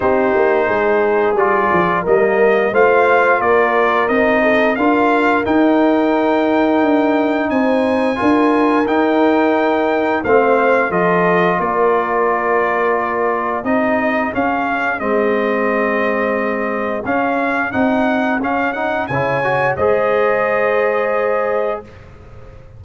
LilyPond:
<<
  \new Staff \with { instrumentName = "trumpet" } { \time 4/4 \tempo 4 = 88 c''2 d''4 dis''4 | f''4 d''4 dis''4 f''4 | g''2. gis''4~ | gis''4 g''2 f''4 |
dis''4 d''2. | dis''4 f''4 dis''2~ | dis''4 f''4 fis''4 f''8 fis''8 | gis''4 dis''2. | }
  \new Staff \with { instrumentName = "horn" } { \time 4/4 g'4 gis'2 ais'4 | c''4 ais'4. a'8 ais'4~ | ais'2. c''4 | ais'2. c''4 |
a'4 ais'2. | gis'1~ | gis'1 | cis''4 c''2. | }
  \new Staff \with { instrumentName = "trombone" } { \time 4/4 dis'2 f'4 ais4 | f'2 dis'4 f'4 | dis'1 | f'4 dis'2 c'4 |
f'1 | dis'4 cis'4 c'2~ | c'4 cis'4 dis'4 cis'8 dis'8 | e'8 fis'8 gis'2. | }
  \new Staff \with { instrumentName = "tuba" } { \time 4/4 c'8 ais8 gis4 g8 f8 g4 | a4 ais4 c'4 d'4 | dis'2 d'4 c'4 | d'4 dis'2 a4 |
f4 ais2. | c'4 cis'4 gis2~ | gis4 cis'4 c'4 cis'4 | cis4 gis2. | }
>>